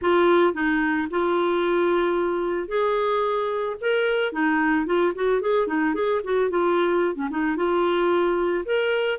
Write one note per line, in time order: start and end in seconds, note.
0.01 0.53 F4
0.53 1.07 D#4
1.10 2.68 F4
2.68 3.76 G#4
3.80 4.32 A#4
4.32 4.86 D#4
4.86 5.13 F4
5.15 5.41 F#4
5.41 5.67 G#4
5.67 5.94 D#4
5.94 6.21 G#4
6.24 6.49 F#4
6.49 7.15 F4
7.15 7.28 C#4
7.30 7.56 D#4
7.56 8.64 F4
8.65 9.18 A#4